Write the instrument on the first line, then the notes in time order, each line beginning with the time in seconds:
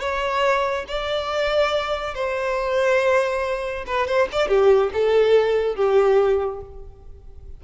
violin
0.00 C#5
0.88 D5
2.14 C5
3.86 B4
4.07 C5
4.32 D5
4.48 G4
4.93 A4
5.76 G4